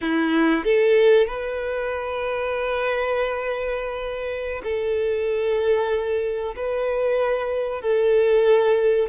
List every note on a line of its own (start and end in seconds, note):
0.01 0.64 E4
0.64 1.26 A4
1.26 4.61 B4
4.63 6.55 A4
6.56 7.81 B4
7.81 9.08 A4